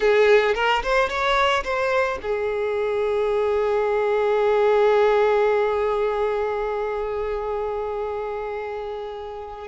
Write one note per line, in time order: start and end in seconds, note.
0.00 0.54 G#4
0.55 0.82 A#4
0.82 1.09 C5
1.09 1.63 C#5
1.63 2.18 C5
2.22 9.67 G#4